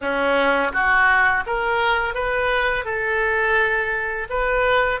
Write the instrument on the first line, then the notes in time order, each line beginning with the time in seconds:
oboe
0.01 C#4
0.72 F#4
1.46 A#4
2.14 B4
2.84 A4
4.29 B4